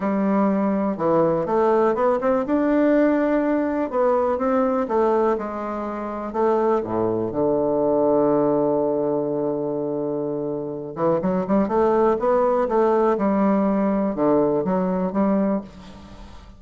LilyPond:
\new Staff \with { instrumentName = "bassoon" } { \time 4/4 \tempo 4 = 123 g2 e4 a4 | b8 c'8 d'2. | b4 c'4 a4 gis4~ | gis4 a4 a,4 d4~ |
d1~ | d2~ d8 e8 fis8 g8 | a4 b4 a4 g4~ | g4 d4 fis4 g4 | }